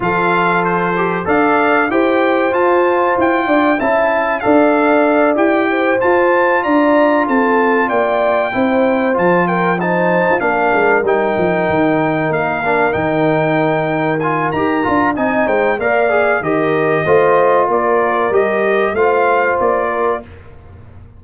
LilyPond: <<
  \new Staff \with { instrumentName = "trumpet" } { \time 4/4 \tempo 4 = 95 f''4 c''4 f''4 g''4 | a''4 g''4 a''4 f''4~ | f''8 g''4 a''4 ais''4 a''8~ | a''8 g''2 a''8 g''8 a''8~ |
a''8 f''4 g''2 f''8~ | f''8 g''2 gis''8 ais''4 | gis''8 g''8 f''4 dis''2 | d''4 dis''4 f''4 d''4 | }
  \new Staff \with { instrumentName = "horn" } { \time 4/4 a'2 d''4 c''4~ | c''4. d''8 e''4 d''4~ | d''4 c''4. d''4 a'8~ | a'8 d''4 c''4. ais'8 c''8~ |
c''8 ais'2.~ ais'8~ | ais'1 | dis''8 c''8 d''4 ais'4 c''4 | ais'2 c''4. ais'8 | }
  \new Staff \with { instrumentName = "trombone" } { \time 4/4 f'4. g'8 a'4 g'4 | f'2 e'4 a'4~ | a'8 g'4 f'2~ f'8~ | f'4. e'4 f'4 dis'8~ |
dis'8 d'4 dis'2~ dis'8 | d'8 dis'2 f'8 g'8 f'8 | dis'4 ais'8 gis'8 g'4 f'4~ | f'4 g'4 f'2 | }
  \new Staff \with { instrumentName = "tuba" } { \time 4/4 f2 d'4 e'4 | f'4 e'8 d'8 cis'4 d'4~ | d'8 e'4 f'4 d'4 c'8~ | c'8 ais4 c'4 f4.~ |
f16 f'16 ais8 gis8 g8 f8 dis4 ais8~ | ais8 dis2~ dis8 dis'8 d'8 | c'8 gis8 ais4 dis4 a4 | ais4 g4 a4 ais4 | }
>>